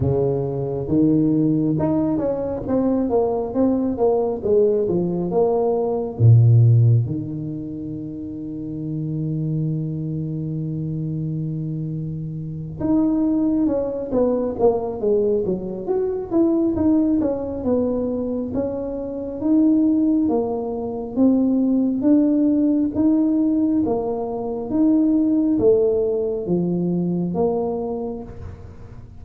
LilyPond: \new Staff \with { instrumentName = "tuba" } { \time 4/4 \tempo 4 = 68 cis4 dis4 dis'8 cis'8 c'8 ais8 | c'8 ais8 gis8 f8 ais4 ais,4 | dis1~ | dis2~ dis8 dis'4 cis'8 |
b8 ais8 gis8 fis8 fis'8 e'8 dis'8 cis'8 | b4 cis'4 dis'4 ais4 | c'4 d'4 dis'4 ais4 | dis'4 a4 f4 ais4 | }